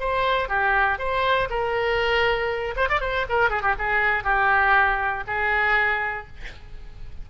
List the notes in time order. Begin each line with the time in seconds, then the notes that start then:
0.00 C5
0.49 G4
0.99 C5
1.50 A#4
2.76 C5
2.89 D5
3.01 C5
3.29 A#4
3.50 G#4
3.62 G4
3.79 G#4
4.24 G4
5.27 G#4